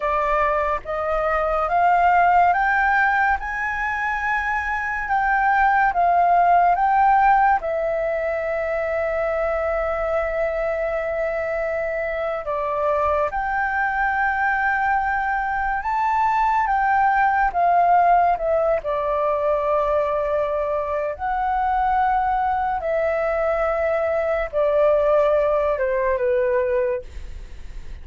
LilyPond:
\new Staff \with { instrumentName = "flute" } { \time 4/4 \tempo 4 = 71 d''4 dis''4 f''4 g''4 | gis''2 g''4 f''4 | g''4 e''2.~ | e''2~ e''8. d''4 g''16~ |
g''2~ g''8. a''4 g''16~ | g''8. f''4 e''8 d''4.~ d''16~ | d''4 fis''2 e''4~ | e''4 d''4. c''8 b'4 | }